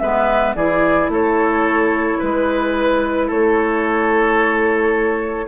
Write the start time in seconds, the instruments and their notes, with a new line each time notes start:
0.00 bassoon G#3, clarinet B3, oboe B4, flute E5
0.56 bassoon E3, clarinet E4, oboe G#4, flute D5
1.09 bassoon A3, oboe A4, flute C#5
2.19 bassoon G#3, oboe B4, flute B4
3.27 bassoon A3, oboe A4, flute C#5